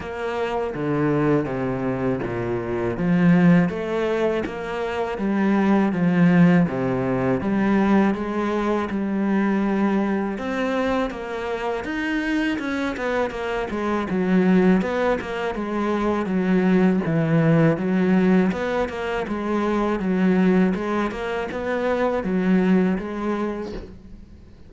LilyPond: \new Staff \with { instrumentName = "cello" } { \time 4/4 \tempo 4 = 81 ais4 d4 c4 ais,4 | f4 a4 ais4 g4 | f4 c4 g4 gis4 | g2 c'4 ais4 |
dis'4 cis'8 b8 ais8 gis8 fis4 | b8 ais8 gis4 fis4 e4 | fis4 b8 ais8 gis4 fis4 | gis8 ais8 b4 fis4 gis4 | }